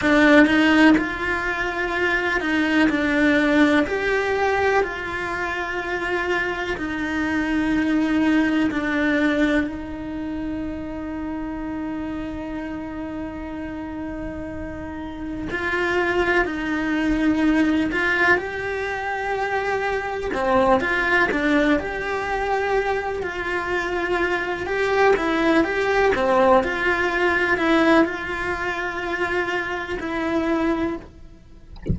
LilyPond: \new Staff \with { instrumentName = "cello" } { \time 4/4 \tempo 4 = 62 d'8 dis'8 f'4. dis'8 d'4 | g'4 f'2 dis'4~ | dis'4 d'4 dis'2~ | dis'1 |
f'4 dis'4. f'8 g'4~ | g'4 c'8 f'8 d'8 g'4. | f'4. g'8 e'8 g'8 c'8 f'8~ | f'8 e'8 f'2 e'4 | }